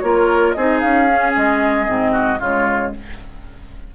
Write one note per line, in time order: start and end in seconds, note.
0.00 0.55 A#3
0.00 0.56 F4
0.00 0.56 A#4
0.00 0.53 C#5
0.53 0.83 C4
0.53 1.08 D#4
0.53 2.12 G#4
0.53 0.79 D#5
0.80 1.35 C#4
0.80 1.33 F5
1.08 1.86 C#4
1.36 1.88 G#3
1.36 2.41 D#5
1.86 2.40 G#2
1.86 2.38 C4
2.12 2.38 F#4
2.40 2.93 C#3
2.40 2.95 G#3
2.40 2.92 F4
2.40 2.94 C#5